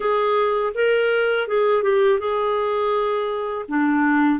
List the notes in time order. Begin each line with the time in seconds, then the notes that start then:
0.00 G#4
0.74 A#4
1.47 G#4
1.83 G4
2.19 G#4
3.68 D4